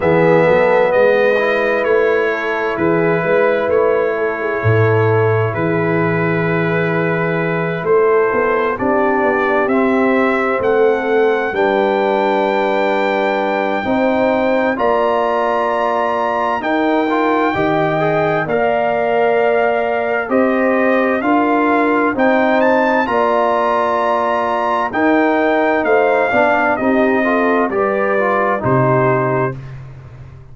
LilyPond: <<
  \new Staff \with { instrumentName = "trumpet" } { \time 4/4 \tempo 4 = 65 e''4 dis''4 cis''4 b'4 | cis''2 b'2~ | b'8 c''4 d''4 e''4 fis''8~ | fis''8 g''2.~ g''8 |
ais''2 g''2 | f''2 dis''4 f''4 | g''8 a''8 ais''2 g''4 | f''4 dis''4 d''4 c''4 | }
  \new Staff \with { instrumentName = "horn" } { \time 4/4 gis'8 a'8 b'4. a'8 gis'8 b'8~ | b'8 a'16 gis'16 a'4 gis'2~ | gis'8 a'4 g'2 a'8~ | a'8 b'2~ b'8 c''4 |
d''2 ais'4 dis''4 | d''2 c''4 ais'4 | c''4 d''2 ais'4 | c''8 d''8 g'8 a'8 b'4 g'4 | }
  \new Staff \with { instrumentName = "trombone" } { \time 4/4 b4. e'2~ e'8~ | e'1~ | e'4. d'4 c'4.~ | c'8 d'2~ d'8 dis'4 |
f'2 dis'8 f'8 g'8 gis'8 | ais'2 g'4 f'4 | dis'4 f'2 dis'4~ | dis'8 d'8 dis'8 f'8 g'8 f'8 dis'4 | }
  \new Staff \with { instrumentName = "tuba" } { \time 4/4 e8 fis8 gis4 a4 e8 gis8 | a4 a,4 e2~ | e8 a8 b8 c'8 b8 c'4 a8~ | a8 g2~ g8 c'4 |
ais2 dis'4 dis4 | ais2 c'4 d'4 | c'4 ais2 dis'4 | a8 b8 c'4 g4 c4 | }
>>